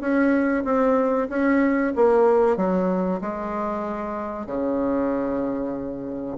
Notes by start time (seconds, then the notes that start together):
0.00 C#4
0.64 C4
1.29 C#4
1.96 A#3
2.56 F#3
3.21 G#3
4.46 C#3